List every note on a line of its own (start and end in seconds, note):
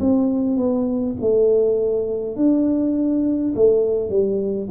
0.00 0.57 C4
0.57 1.16 B3
1.21 2.36 A3
2.36 3.53 D4
3.56 4.10 A3
4.10 4.68 G3